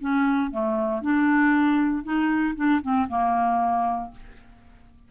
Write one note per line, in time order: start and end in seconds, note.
0.00 0.50 C#4
0.50 1.01 A3
1.01 2.03 D4
2.03 2.55 D#4
2.55 2.81 D4
2.82 3.07 C4
3.08 4.11 A#3